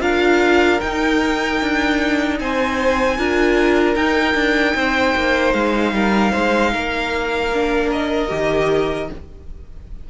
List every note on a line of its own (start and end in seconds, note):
0.00 0.79 D4
0.00 0.79 F4
0.00 2.38 A#4
0.00 0.80 F5
0.80 3.18 D#4
0.80 1.61 D#4
0.80 2.38 G5
1.61 2.40 D4
2.40 3.18 C4
2.40 3.18 C5
2.40 3.96 G#5
3.18 3.95 D4
3.18 3.96 F4
3.18 4.75 A#4
3.95 4.35 D#4
3.95 7.51 D#4
3.95 5.53 G5
4.35 4.74 D4
4.75 5.15 C4
4.75 5.94 C5
5.15 5.54 A#3
5.53 5.92 G#3
5.53 7.90 F5
5.92 6.32 G3
5.92 6.32 A#4
6.32 6.75 G#3
6.32 6.71 C5
6.73 8.30 A#3
6.73 9.10 A#4
7.53 8.28 D4
7.92 9.10 D#5
8.28 9.09 D#3
8.28 9.07 G4